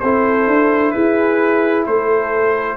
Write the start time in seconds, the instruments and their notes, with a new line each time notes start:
0.00 tuba C4, trombone E4, horn A4, trumpet C5
0.47 tuba D4
0.92 tuba E4, horn G#4, trumpet B4
1.87 tuba A3, horn A4, trumpet C5